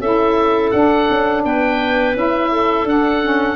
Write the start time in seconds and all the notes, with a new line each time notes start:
0.00 C#4 E4 A4 E5
0.71 D4 F#5
1.10 C#4
1.44 B3 B4 G5
2.14 C#4 E4 E5
2.51 A4
2.84 D4 F#5
3.23 C#4